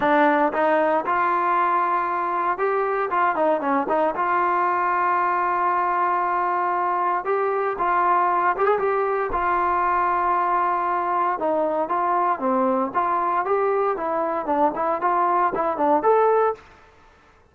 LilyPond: \new Staff \with { instrumentName = "trombone" } { \time 4/4 \tempo 4 = 116 d'4 dis'4 f'2~ | f'4 g'4 f'8 dis'8 cis'8 dis'8 | f'1~ | f'2 g'4 f'4~ |
f'8 g'16 gis'16 g'4 f'2~ | f'2 dis'4 f'4 | c'4 f'4 g'4 e'4 | d'8 e'8 f'4 e'8 d'8 a'4 | }